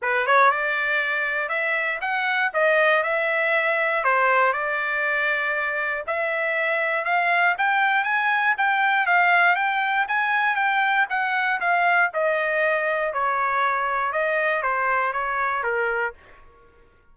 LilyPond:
\new Staff \with { instrumentName = "trumpet" } { \time 4/4 \tempo 4 = 119 b'8 cis''8 d''2 e''4 | fis''4 dis''4 e''2 | c''4 d''2. | e''2 f''4 g''4 |
gis''4 g''4 f''4 g''4 | gis''4 g''4 fis''4 f''4 | dis''2 cis''2 | dis''4 c''4 cis''4 ais'4 | }